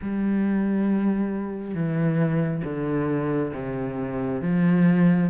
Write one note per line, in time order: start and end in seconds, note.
0.01 1.74 G3
1.74 2.62 E3
2.64 3.52 D3
3.53 4.41 C3
4.41 5.29 F3